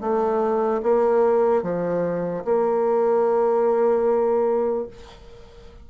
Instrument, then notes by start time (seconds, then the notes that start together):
bassoon
0.00 A3
0.82 A#3
1.62 F3
2.44 A#3